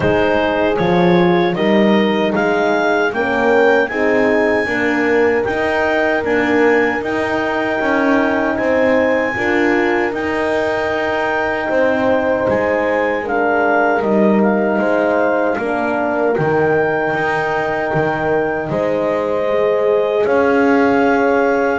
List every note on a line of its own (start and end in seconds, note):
0.00 0.77 G#3
0.00 0.75 D#4
0.00 1.56 G#4
0.00 0.76 C5
0.76 1.55 F3
0.76 1.54 F4
0.76 1.54 C#5
1.54 2.33 G3
1.54 3.10 D#4
1.54 2.32 A#4
1.54 2.32 D#5
2.32 3.13 G#3
2.32 3.10 G#4
2.32 3.12 F5
3.13 3.90 A#3
3.13 3.88 C#4
3.13 3.91 A#4
3.13 3.88 G5
3.88 4.66 C4
3.88 4.66 D#4
3.88 4.67 G#4
3.88 5.44 G#5
4.66 5.44 A#3
4.66 5.44 D4
4.66 8.56 A#4
5.44 6.24 D#4
5.44 6.23 D#4
5.44 6.22 G5
6.23 6.99 A#3
6.23 7.01 D4
6.23 7.02 G#5
6.99 9.33 D#4
6.99 7.79 D#4
6.99 8.56 G5
7.80 8.58 C#4
8.56 9.36 C4
8.56 9.34 C5
8.56 10.12 G#5
9.34 10.12 D4
9.34 10.12 F4
9.34 11.69 A#4
10.12 11.68 D#4
10.12 13.24 D#4
10.12 12.47 G5
11.69 12.47 C4
11.69 13.23 C5
12.48 14.02 G#3
12.48 13.27 G#5
13.23 14.02 D4
13.23 14.79 A#4
13.23 14.01 F5
14.01 14.79 G3
14.01 15.57 D#4
14.01 14.40 D#5
14.42 16.35 F5
14.79 15.56 G#3
14.79 15.56 C5
15.58 16.36 A#3
15.58 16.36 D4
15.58 18.69 A#4
16.35 17.13 D#3
16.35 19.48 D#4
16.35 18.69 G5
17.13 17.91 D#4
17.94 18.69 D#3
18.69 20.25 G#3
18.69 20.24 C5
18.69 20.25 D#5
19.48 21.79 G#4
20.24 21.79 C#4
20.24 21.79 C#5
20.24 21.79 F5